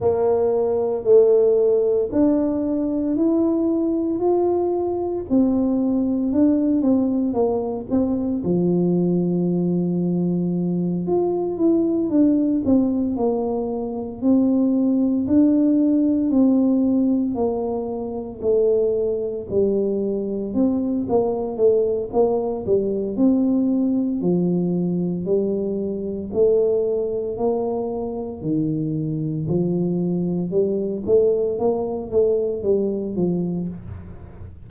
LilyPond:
\new Staff \with { instrumentName = "tuba" } { \time 4/4 \tempo 4 = 57 ais4 a4 d'4 e'4 | f'4 c'4 d'8 c'8 ais8 c'8 | f2~ f8 f'8 e'8 d'8 | c'8 ais4 c'4 d'4 c'8~ |
c'8 ais4 a4 g4 c'8 | ais8 a8 ais8 g8 c'4 f4 | g4 a4 ais4 dis4 | f4 g8 a8 ais8 a8 g8 f8 | }